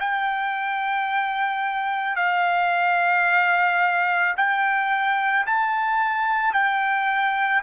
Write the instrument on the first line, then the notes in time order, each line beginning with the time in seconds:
trumpet
0.00 G5
2.16 F5
4.37 G5
5.47 A5
6.54 G5